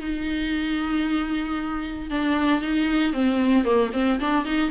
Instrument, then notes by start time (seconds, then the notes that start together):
viola
0.00 D#4
2.10 D4
2.61 D#4
3.13 C4
3.64 A#3
3.93 C4
4.20 D4
4.45 D#4